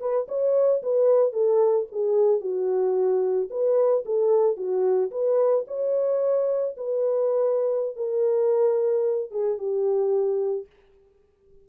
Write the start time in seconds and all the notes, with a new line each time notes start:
0.00 B4
0.28 C#5
0.83 B4
1.33 A4
1.92 G#4
2.41 F#4
3.50 B4
4.05 A4
4.57 F#4
5.11 B4
5.68 C#5
6.77 B4
7.96 A#4
9.31 G#4
9.58 G4